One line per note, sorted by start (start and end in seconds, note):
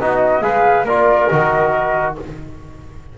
0.00 0.41 B3
0.00 0.41 D#4
0.00 0.43 F#4
0.00 0.42 D#5
0.41 0.84 G#3
0.41 0.84 G#4
0.41 0.85 B4
0.41 0.86 F5
0.84 1.27 A#3
0.84 1.31 F4
0.84 2.15 A#4
0.84 1.28 D5
1.28 2.18 D#3
1.28 2.17 F#4
1.28 2.14 D#5